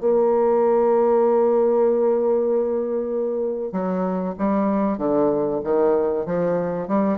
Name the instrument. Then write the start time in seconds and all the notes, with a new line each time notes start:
bassoon
0.00 A#3
3.72 F#3
4.38 G3
4.98 D3
5.64 D#3
6.26 F3
6.88 G3